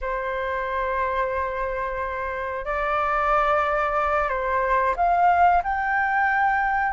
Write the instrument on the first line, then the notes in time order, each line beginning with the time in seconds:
flute
0.01 C5
2.65 D5
4.28 C5
4.96 F5
5.63 G5